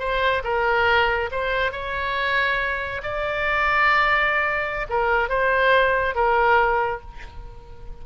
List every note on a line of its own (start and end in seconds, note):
0.00 0.43 C5
0.44 1.30 A#4
1.32 1.72 C5
1.72 3.02 C#5
3.04 4.87 D5
4.90 5.29 A#4
5.29 6.15 C5
6.15 7.02 A#4